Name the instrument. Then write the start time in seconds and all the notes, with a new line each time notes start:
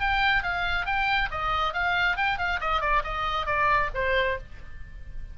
oboe
0.00 G5
0.43 F5
0.86 G5
1.31 D#5
1.73 F5
2.16 G5
2.38 F5
2.60 D#5
2.81 D5
3.04 D#5
3.46 D5
3.94 C5